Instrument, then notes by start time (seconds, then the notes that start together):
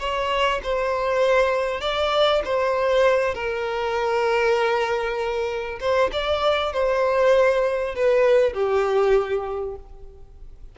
violin
0.00 C#5
0.63 C5
1.81 D5
2.45 C5
3.35 A#4
5.80 C5
6.13 D5
6.73 C5
7.96 B4
8.54 G4